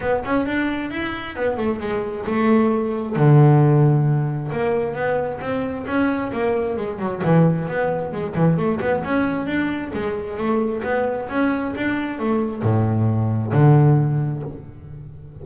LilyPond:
\new Staff \with { instrumentName = "double bass" } { \time 4/4 \tempo 4 = 133 b8 cis'8 d'4 e'4 b8 a8 | gis4 a2 d4~ | d2 ais4 b4 | c'4 cis'4 ais4 gis8 fis8 |
e4 b4 gis8 e8 a8 b8 | cis'4 d'4 gis4 a4 | b4 cis'4 d'4 a4 | a,2 d2 | }